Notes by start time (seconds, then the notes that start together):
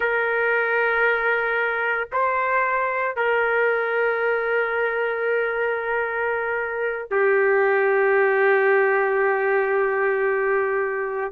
0.00 A#4
2.12 C5
3.16 A#4
7.11 G4